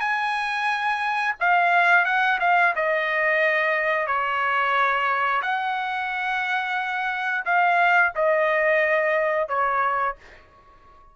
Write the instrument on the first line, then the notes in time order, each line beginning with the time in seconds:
trumpet
0.00 G#5
1.40 F5
2.05 F#5
2.40 F5
2.75 D#5
4.07 C#5
5.42 F#5
7.45 F5
8.15 D#5
9.48 C#5